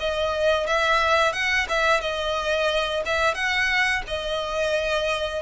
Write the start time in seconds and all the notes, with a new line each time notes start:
0.00 D#5
0.67 E5
1.33 F#5
1.69 E5
2.01 D#5
3.06 E5
3.34 F#5
4.08 D#5